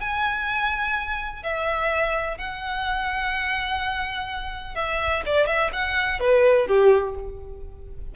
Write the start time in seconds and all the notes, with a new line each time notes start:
0.00 G#5
1.43 E5
2.37 F#5
4.74 E5
5.26 D5
5.47 E5
5.73 F#5
6.20 B4
6.67 G4